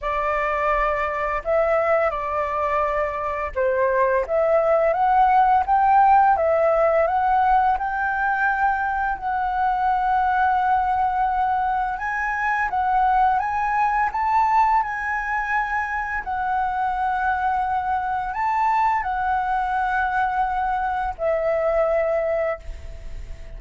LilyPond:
\new Staff \with { instrumentName = "flute" } { \time 4/4 \tempo 4 = 85 d''2 e''4 d''4~ | d''4 c''4 e''4 fis''4 | g''4 e''4 fis''4 g''4~ | g''4 fis''2.~ |
fis''4 gis''4 fis''4 gis''4 | a''4 gis''2 fis''4~ | fis''2 a''4 fis''4~ | fis''2 e''2 | }